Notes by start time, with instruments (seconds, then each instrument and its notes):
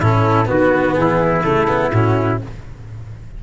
0.00 tuba A2, cello C#4, trumpet E4, flute A4
0.45 tuba D#3, cello B3, trumpet F#4, flute B4
0.95 tuba E3, trumpet E4, flute G#4
1.43 tuba C#3, cello A3, flute A4
1.68 cello B3
1.92 tuba A2, cello C#4, flute F#4